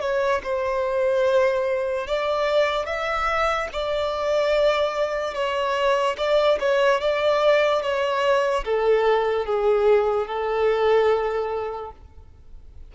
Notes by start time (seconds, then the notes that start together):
0.00 C#5
0.43 C5
2.07 D5
2.85 E5
3.72 D5
5.34 C#5
6.17 D5
6.60 C#5
7.00 D5
7.82 C#5
8.64 A4
9.46 G#4
10.27 A4